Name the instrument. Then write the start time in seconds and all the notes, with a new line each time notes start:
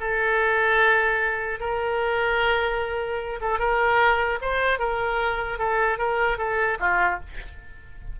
oboe
0.00 A4
1.60 A#4
3.41 A4
3.59 A#4
4.41 C5
4.79 A#4
5.58 A4
5.98 A#4
6.37 A4
6.80 F4